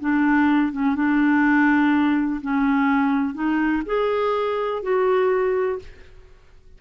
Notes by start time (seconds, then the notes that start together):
0.00 D4
0.72 C#4
0.95 D4
2.41 C#4
3.34 D#4
3.86 G#4
4.82 F#4